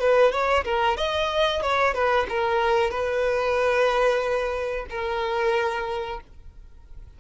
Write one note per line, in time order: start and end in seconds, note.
0.00 0.32 B4
0.32 0.64 C#5
0.65 0.97 A#4
0.97 1.62 D#5
1.62 1.94 C#5
1.94 2.27 B4
2.29 2.91 A#4
2.91 4.86 B4
4.90 6.20 A#4